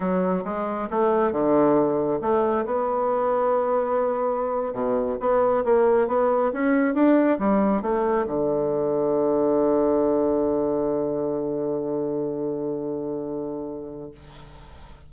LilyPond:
\new Staff \with { instrumentName = "bassoon" } { \time 4/4 \tempo 4 = 136 fis4 gis4 a4 d4~ | d4 a4 b2~ | b2~ b8. b,4 b16~ | b8. ais4 b4 cis'4 d'16~ |
d'8. g4 a4 d4~ d16~ | d1~ | d1~ | d1 | }